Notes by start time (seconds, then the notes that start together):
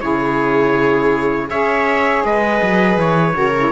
0.00 C#3 E4 G#4 C#5
1.50 C#4 G#4 C#5 E5
2.24 G#3 B4 D#5
2.62 F#3
2.97 E3 C#5
3.33 C#3 F#4 A#4
3.58 E4